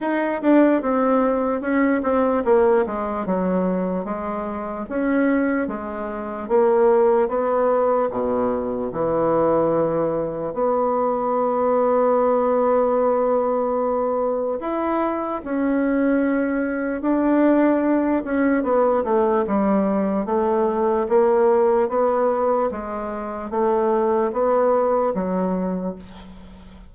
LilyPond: \new Staff \with { instrumentName = "bassoon" } { \time 4/4 \tempo 4 = 74 dis'8 d'8 c'4 cis'8 c'8 ais8 gis8 | fis4 gis4 cis'4 gis4 | ais4 b4 b,4 e4~ | e4 b2.~ |
b2 e'4 cis'4~ | cis'4 d'4. cis'8 b8 a8 | g4 a4 ais4 b4 | gis4 a4 b4 fis4 | }